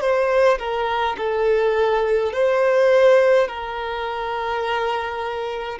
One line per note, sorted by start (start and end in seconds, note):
0.00 0.58 C5
0.58 1.16 A#4
1.17 2.32 A4
2.32 3.47 C5
3.47 5.78 A#4